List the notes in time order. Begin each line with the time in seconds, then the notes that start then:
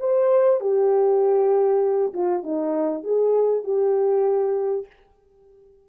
0.00 C5
0.61 G4
2.14 F4
2.44 D#4
3.04 G#4
3.64 G4